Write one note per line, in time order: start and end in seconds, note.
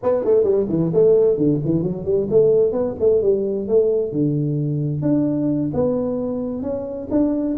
0.02 0.24 B3
0.24 0.43 A3
0.43 0.66 G3
0.68 0.91 E3
0.93 1.37 A3
1.37 1.60 D3
1.64 1.82 E3
1.82 2.04 F#3
2.04 2.27 G3
2.30 2.71 A3
2.71 2.94 B3
2.99 3.22 A3
3.22 3.67 G3
3.68 4.12 A3
4.12 5.02 D3
5.02 5.70 D4
5.73 6.62 B3
6.62 7.08 C#4
7.11 7.56 D4